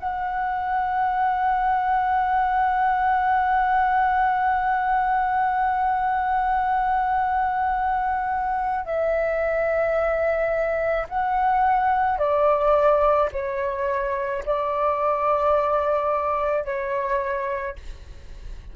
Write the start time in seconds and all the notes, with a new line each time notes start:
0.00 F#5
8.85 E5
11.09 F#5
12.18 D5
13.33 C#5
14.46 D5
16.65 C#5